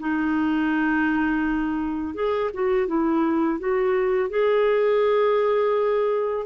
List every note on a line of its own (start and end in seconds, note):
0.00 2.15 D#4
2.15 2.51 G#4
2.54 2.88 F#4
2.88 3.59 E4
3.59 4.30 F#4
4.30 6.47 G#4